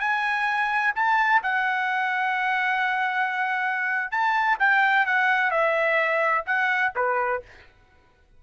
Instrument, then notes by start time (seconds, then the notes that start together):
trumpet
0.00 G#5
0.95 A5
1.43 F#5
4.11 A5
4.59 G5
5.06 F#5
5.51 E5
6.46 F#5
6.96 B4